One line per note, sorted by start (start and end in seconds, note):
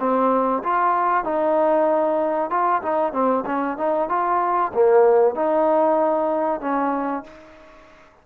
0.00 0.63 C4
0.64 1.25 F4
1.25 2.51 D#4
2.51 2.82 F4
2.83 3.13 D#4
3.13 3.44 C4
3.46 3.78 C#4
3.78 4.09 D#4
4.09 4.73 F4
4.74 5.35 A#3
5.35 6.61 D#4
6.61 7.24 C#4